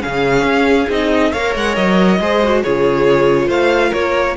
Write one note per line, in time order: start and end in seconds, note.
0.00 0.43 C#3
0.00 0.87 C#4
0.00 1.32 G#4
0.00 0.89 F5
0.43 0.86 C#4
0.89 1.33 C4
0.89 1.34 D#4
0.89 1.32 D#5
1.32 1.56 A#3
1.32 2.21 A#4
1.32 2.19 C#5
1.32 1.54 F5
1.56 1.77 G#3
1.56 1.75 F#5
1.75 2.20 F#3
1.75 2.62 D#5
2.20 2.63 G#3
2.20 2.43 G#4
2.20 2.64 C5
2.44 2.64 F#4
2.63 3.49 C#3
2.63 4.37 F4
2.63 3.47 G#4
2.63 3.50 C#5
3.47 3.92 A3
3.47 3.89 C5
3.47 3.93 F5
3.89 4.37 A#3
3.89 4.33 A#4
3.89 4.37 C#5